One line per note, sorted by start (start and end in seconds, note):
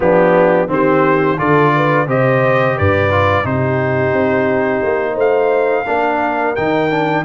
0.00 0.68 F3
0.00 0.67 B3
0.00 0.70 D4
0.00 0.70 G4
0.67 1.37 D#3
0.67 1.36 C4
0.67 1.38 G4
0.67 1.38 C5
1.37 2.07 D3
1.37 2.06 F4
1.37 1.73 A4
1.37 2.07 D5
1.75 2.07 B4
2.07 2.76 C3
2.07 3.10 G4
2.07 2.76 C5
2.07 2.77 D#5
2.76 3.44 G2
2.76 3.45 B4
2.76 3.46 D5
3.10 3.44 F4
3.44 4.12 C3
3.44 5.85 D#4
3.44 5.14 G4
3.44 5.18 C5
4.12 4.81 C4
4.82 5.16 A#3
5.14 5.85 A3
5.14 5.83 C5
5.14 6.55 F5
5.86 6.56 A#3
5.86 6.55 D4
5.86 7.25 A#4
6.55 7.25 D#3
6.55 6.90 D#4
6.55 7.24 G5
6.90 7.24 D4